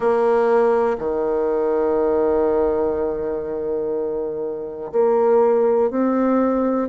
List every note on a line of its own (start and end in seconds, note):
0.00 0.97 A#3
0.98 4.91 D#3
4.92 5.90 A#3
5.90 6.89 C4